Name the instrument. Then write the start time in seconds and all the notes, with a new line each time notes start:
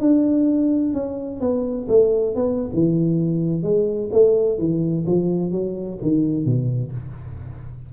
tuba
0.00 D4
0.94 C#4
1.40 B3
1.88 A3
2.35 B3
2.73 E3
3.63 G#3
4.12 A3
4.58 E3
5.06 F3
5.52 F#3
6.02 D#3
6.45 B2